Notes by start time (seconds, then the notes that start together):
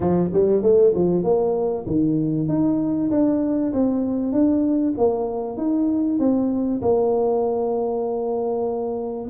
0.00 F3
0.33 G3
0.62 A3
0.94 F3
1.23 A#3
1.86 D#3
2.48 D#4
3.11 D4
3.73 C4
4.32 D4
4.97 A#3
5.57 D#4
6.19 C4
6.81 A#3